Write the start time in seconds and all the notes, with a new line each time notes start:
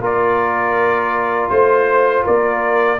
0.00 A#3 F4 A#4 D5
1.49 A3 C5
2.24 A#3 A#4 D5